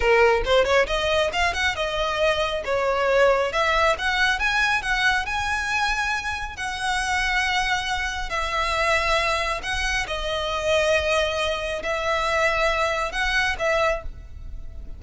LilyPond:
\new Staff \with { instrumentName = "violin" } { \time 4/4 \tempo 4 = 137 ais'4 c''8 cis''8 dis''4 f''8 fis''8 | dis''2 cis''2 | e''4 fis''4 gis''4 fis''4 | gis''2. fis''4~ |
fis''2. e''4~ | e''2 fis''4 dis''4~ | dis''2. e''4~ | e''2 fis''4 e''4 | }